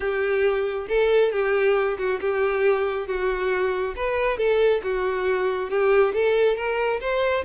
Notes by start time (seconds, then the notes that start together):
0.00 G4
0.88 A4
1.31 G4
1.98 F#4
2.20 G4
3.07 F#4
3.95 B4
4.37 A4
4.83 F#4
5.70 G4
6.14 A4
6.56 A#4
7.00 C5